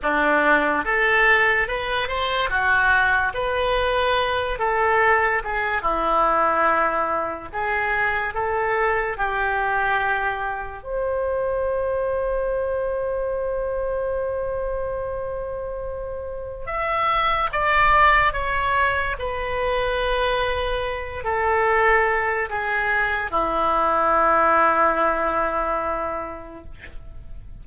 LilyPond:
\new Staff \with { instrumentName = "oboe" } { \time 4/4 \tempo 4 = 72 d'4 a'4 b'8 c''8 fis'4 | b'4. a'4 gis'8 e'4~ | e'4 gis'4 a'4 g'4~ | g'4 c''2.~ |
c''1 | e''4 d''4 cis''4 b'4~ | b'4. a'4. gis'4 | e'1 | }